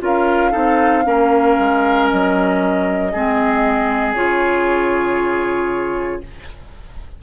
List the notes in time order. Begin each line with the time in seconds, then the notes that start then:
0.00 C#4 F4 A#4 F5
0.51 C4 D#4 A4
1.05 A#3 C#4 A#4
1.59 G#3
2.07 F#3 D#5
3.12 G#3 C4 G#4
4.14 C#3 F4 C#5